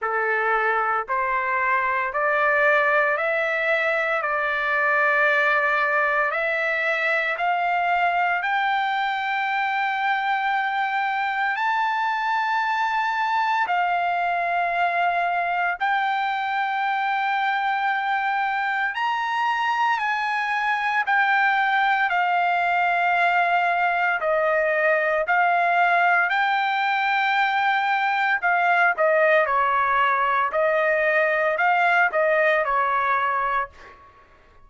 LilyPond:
\new Staff \with { instrumentName = "trumpet" } { \time 4/4 \tempo 4 = 57 a'4 c''4 d''4 e''4 | d''2 e''4 f''4 | g''2. a''4~ | a''4 f''2 g''4~ |
g''2 ais''4 gis''4 | g''4 f''2 dis''4 | f''4 g''2 f''8 dis''8 | cis''4 dis''4 f''8 dis''8 cis''4 | }